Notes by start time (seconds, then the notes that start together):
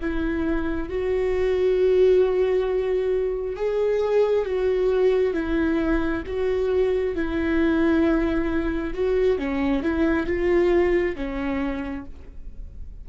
0.00 E4
0.89 F#4
3.56 G#4
4.45 F#4
5.33 E4
6.26 F#4
7.15 E4
8.93 F#4
9.38 C#4
9.83 E4
10.26 F4
11.16 C#4